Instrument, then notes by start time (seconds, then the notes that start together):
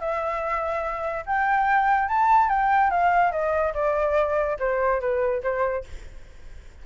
flute
0.00 E5
1.26 G5
2.08 A5
2.49 G5
2.91 F5
3.31 D#5
3.74 D5
4.59 C5
5.00 B4
5.43 C5